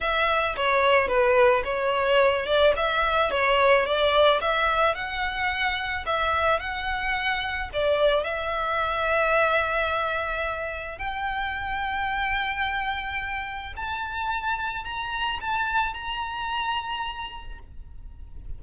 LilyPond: \new Staff \with { instrumentName = "violin" } { \time 4/4 \tempo 4 = 109 e''4 cis''4 b'4 cis''4~ | cis''8 d''8 e''4 cis''4 d''4 | e''4 fis''2 e''4 | fis''2 d''4 e''4~ |
e''1 | g''1~ | g''4 a''2 ais''4 | a''4 ais''2. | }